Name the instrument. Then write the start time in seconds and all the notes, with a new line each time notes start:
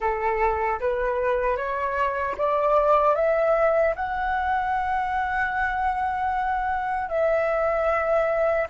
flute
0.00 A4
0.80 B4
1.56 C#5
2.37 D5
3.15 E5
3.95 F#5
7.09 E5